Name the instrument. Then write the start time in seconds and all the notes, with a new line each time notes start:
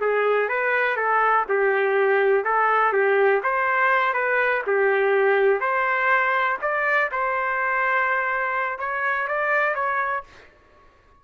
trumpet
0.00 G#4
0.48 B4
0.96 A4
1.49 G4
2.44 A4
2.92 G4
3.43 C5
4.13 B4
4.67 G4
5.60 C5
6.61 D5
7.12 C5
8.79 C#5
9.27 D5
9.74 C#5